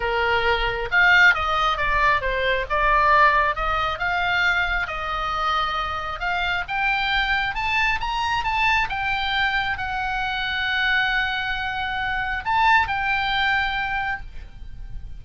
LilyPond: \new Staff \with { instrumentName = "oboe" } { \time 4/4 \tempo 4 = 135 ais'2 f''4 dis''4 | d''4 c''4 d''2 | dis''4 f''2 dis''4~ | dis''2 f''4 g''4~ |
g''4 a''4 ais''4 a''4 | g''2 fis''2~ | fis''1 | a''4 g''2. | }